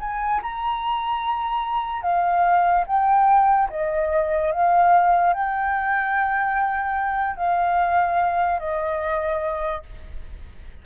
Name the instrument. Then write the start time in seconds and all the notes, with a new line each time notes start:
flute
0.00 G#5
0.43 A#5
2.03 F5
2.87 G5
3.70 D#5
4.52 F5
5.34 G5
7.37 F5
8.60 D#5